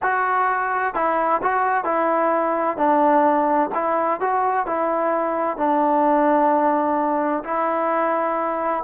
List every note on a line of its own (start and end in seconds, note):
0.02 0.94 F#4
0.94 1.41 E4
1.42 1.84 F#4
1.84 2.77 E4
2.77 3.70 D4
3.74 4.20 E4
4.20 4.66 F#4
4.66 5.57 E4
5.57 7.43 D4
7.44 8.83 E4